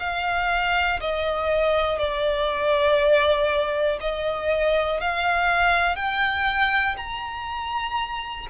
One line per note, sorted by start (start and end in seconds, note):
0.00 1.00 F5
1.00 1.99 D#5
1.99 3.99 D5
4.01 5.01 D#5
5.01 5.96 F5
5.96 6.96 G5
6.97 8.47 A#5